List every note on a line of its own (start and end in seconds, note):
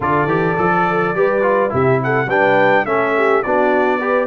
0.00 0.25 D3
0.00 0.28 F4
0.00 1.14 A4
0.00 1.73 D5
0.25 0.54 E3
0.25 0.56 G4
0.57 1.14 F3
0.57 1.14 A4
1.14 1.71 G3
1.14 1.41 G4
1.14 1.72 B4
1.41 1.69 F4
1.69 2.27 C3
1.69 2.26 E4
1.69 2.01 G4
1.69 2.02 E5
2.03 2.27 A4
2.03 2.29 F#5
2.27 2.84 G3
2.27 2.85 D4
2.27 2.85 B4
2.27 2.85 G5
2.85 3.42 A3
2.85 3.43 C#4
2.85 3.15 A4
2.85 3.42 E5
3.16 3.44 G4
3.42 4.27 B3
3.42 4.00 D4
3.42 3.99 F#4
3.42 4.27 D5
3.99 4.27 G4
3.99 4.27 B4